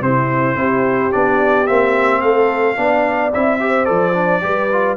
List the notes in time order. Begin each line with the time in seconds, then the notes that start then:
0.00 C3 C4 E4 C5
0.55 C4 E4 G4
1.11 B3 D4 D5
1.66 A#3 C4 E5
2.21 A3 A4 F5
2.76 B3 D4 D5
3.33 C4 E4 E5
3.60 G4 C5
3.85 F3 A4 D5
4.14 D4
4.41 G3 G4 B4
4.72 F4